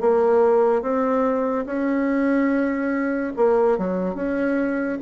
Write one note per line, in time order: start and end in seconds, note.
0.00 0.82 A#3
0.82 1.65 C4
1.66 3.33 C#4
3.36 3.78 A#3
3.78 4.15 F#3
4.15 4.98 C#4